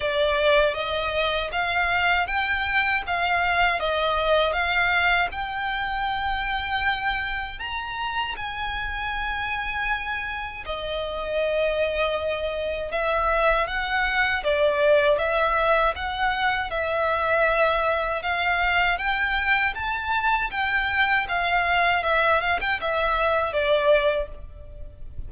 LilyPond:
\new Staff \with { instrumentName = "violin" } { \time 4/4 \tempo 4 = 79 d''4 dis''4 f''4 g''4 | f''4 dis''4 f''4 g''4~ | g''2 ais''4 gis''4~ | gis''2 dis''2~ |
dis''4 e''4 fis''4 d''4 | e''4 fis''4 e''2 | f''4 g''4 a''4 g''4 | f''4 e''8 f''16 g''16 e''4 d''4 | }